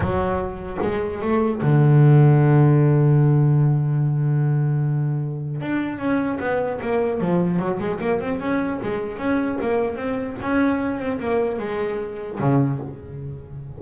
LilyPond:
\new Staff \with { instrumentName = "double bass" } { \time 4/4 \tempo 4 = 150 fis2 gis4 a4 | d1~ | d1~ | d2 d'4 cis'4 |
b4 ais4 f4 fis8 gis8 | ais8 c'8 cis'4 gis4 cis'4 | ais4 c'4 cis'4. c'8 | ais4 gis2 cis4 | }